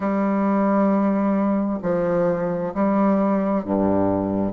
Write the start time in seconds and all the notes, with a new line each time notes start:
0.00 G3
1.82 F3
2.74 G3
3.64 G2